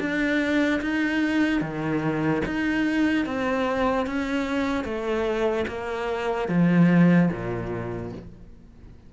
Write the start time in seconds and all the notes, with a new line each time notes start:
0.00 D4
0.81 D#4
1.61 D#3
2.45 D#4
3.26 C4
4.07 C#4
4.85 A3
5.68 A#3
6.49 F3
7.32 A#2